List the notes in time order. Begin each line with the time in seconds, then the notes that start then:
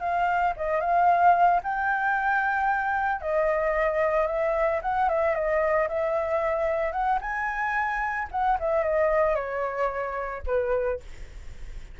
0.00 F5
0.56 D#5
0.80 F5
1.63 G5
3.21 D#5
4.27 E5
4.82 F#5
5.09 E5
5.35 D#5
5.88 E5
6.92 F#5
7.21 G#5
8.31 F#5
8.60 E5
8.83 D#5
9.35 C#5
10.47 B4